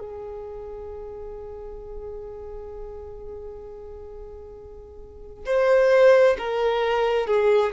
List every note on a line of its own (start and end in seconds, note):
0.00 5.45 G#4
5.46 6.37 C5
6.38 7.27 A#4
7.27 7.73 G#4